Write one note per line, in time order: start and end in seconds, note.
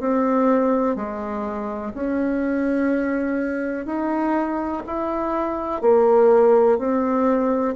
0.00 0.96 C4
0.96 1.93 G#3
1.94 3.86 C#4
3.86 4.83 D#4
4.87 5.82 E4
5.82 6.78 A#3
6.78 7.75 C4